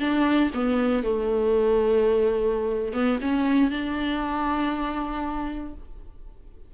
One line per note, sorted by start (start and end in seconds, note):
0.00 0.51 D4
0.54 1.03 B3
1.03 2.93 A3
2.93 3.19 B3
3.21 3.70 C#4
3.70 5.74 D4